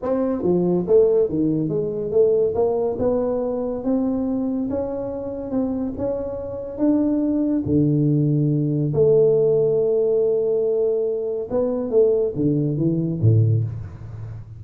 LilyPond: \new Staff \with { instrumentName = "tuba" } { \time 4/4 \tempo 4 = 141 c'4 f4 a4 dis4 | gis4 a4 ais4 b4~ | b4 c'2 cis'4~ | cis'4 c'4 cis'2 |
d'2 d2~ | d4 a2.~ | a2. b4 | a4 d4 e4 a,4 | }